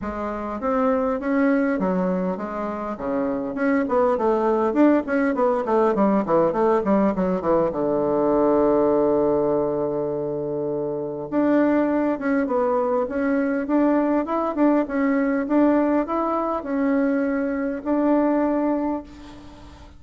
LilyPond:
\new Staff \with { instrumentName = "bassoon" } { \time 4/4 \tempo 4 = 101 gis4 c'4 cis'4 fis4 | gis4 cis4 cis'8 b8 a4 | d'8 cis'8 b8 a8 g8 e8 a8 g8 | fis8 e8 d2.~ |
d2. d'4~ | d'8 cis'8 b4 cis'4 d'4 | e'8 d'8 cis'4 d'4 e'4 | cis'2 d'2 | }